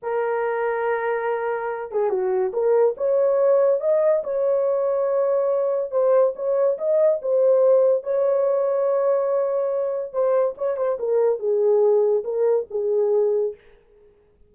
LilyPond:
\new Staff \with { instrumentName = "horn" } { \time 4/4 \tempo 4 = 142 ais'1~ | ais'8 gis'8 fis'4 ais'4 cis''4~ | cis''4 dis''4 cis''2~ | cis''2 c''4 cis''4 |
dis''4 c''2 cis''4~ | cis''1 | c''4 cis''8 c''8 ais'4 gis'4~ | gis'4 ais'4 gis'2 | }